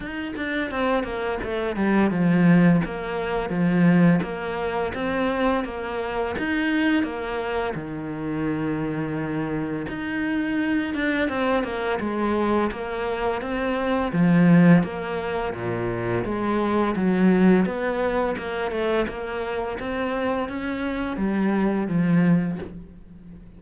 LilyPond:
\new Staff \with { instrumentName = "cello" } { \time 4/4 \tempo 4 = 85 dis'8 d'8 c'8 ais8 a8 g8 f4 | ais4 f4 ais4 c'4 | ais4 dis'4 ais4 dis4~ | dis2 dis'4. d'8 |
c'8 ais8 gis4 ais4 c'4 | f4 ais4 ais,4 gis4 | fis4 b4 ais8 a8 ais4 | c'4 cis'4 g4 f4 | }